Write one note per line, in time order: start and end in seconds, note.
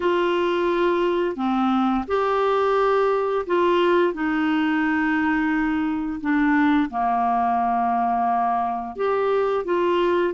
0.00 1.36 F4
1.36 2.05 C4
2.07 3.45 G4
3.46 4.13 F4
4.13 6.20 D#4
6.20 6.89 D4
6.90 8.95 A#3
8.95 9.64 G4
9.65 10.34 F4